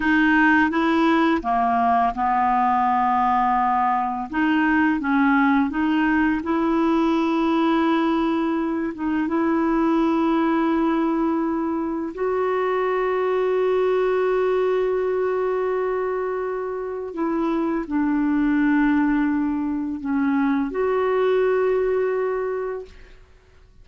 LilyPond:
\new Staff \with { instrumentName = "clarinet" } { \time 4/4 \tempo 4 = 84 dis'4 e'4 ais4 b4~ | b2 dis'4 cis'4 | dis'4 e'2.~ | e'8 dis'8 e'2.~ |
e'4 fis'2.~ | fis'1 | e'4 d'2. | cis'4 fis'2. | }